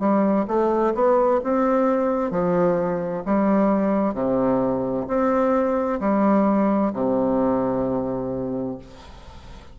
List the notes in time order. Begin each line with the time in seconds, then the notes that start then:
0.00 G3
0.48 A3
0.94 B3
1.44 C4
2.31 F3
3.26 G3
4.15 C3
5.08 C4
6.00 G3
6.94 C3